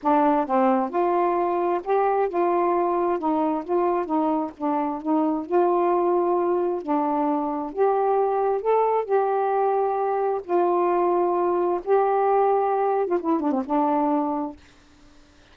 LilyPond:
\new Staff \with { instrumentName = "saxophone" } { \time 4/4 \tempo 4 = 132 d'4 c'4 f'2 | g'4 f'2 dis'4 | f'4 dis'4 d'4 dis'4 | f'2. d'4~ |
d'4 g'2 a'4 | g'2. f'4~ | f'2 g'2~ | g'8. f'16 e'8 d'16 c'16 d'2 | }